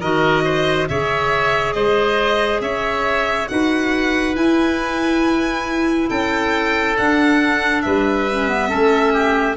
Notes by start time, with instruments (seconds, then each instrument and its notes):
0.00 tuba D#3, clarinet F#4, oboe A#4, violin D#5
0.45 oboe C5
0.89 tuba C#3, clarinet G#4, oboe C#5, violin E5
1.73 tuba G#3, oboe C5, violin D#5
2.61 tuba C#4, oboe C#5, violin E5
3.48 tuba D#4, clarinet F#4, oboe B4, violin F#5
4.35 clarinet E4, tuba E4, violin G#5
6.09 tuba C#4, oboe A4, violin G5
6.97 tuba D4, clarinet D4, violin F#5
7.82 tuba G3, oboe B4, violin E5
8.31 clarinet C#4
8.48 clarinet B3
8.69 tuba A3, clarinet C#4, oboe A4
9.13 oboe G4